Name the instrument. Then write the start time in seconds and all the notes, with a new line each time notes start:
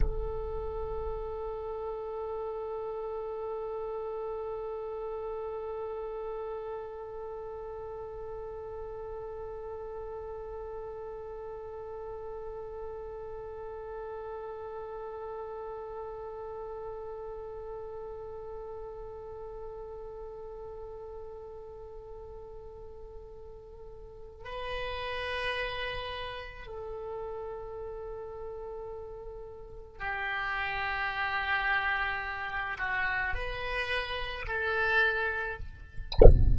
oboe
0.00 A4
24.44 B4
26.66 A4
29.99 G4
32.78 F#4
33.33 B4
34.47 A4